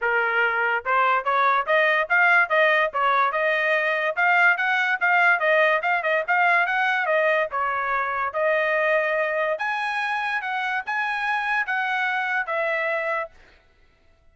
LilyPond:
\new Staff \with { instrumentName = "trumpet" } { \time 4/4 \tempo 4 = 144 ais'2 c''4 cis''4 | dis''4 f''4 dis''4 cis''4 | dis''2 f''4 fis''4 | f''4 dis''4 f''8 dis''8 f''4 |
fis''4 dis''4 cis''2 | dis''2. gis''4~ | gis''4 fis''4 gis''2 | fis''2 e''2 | }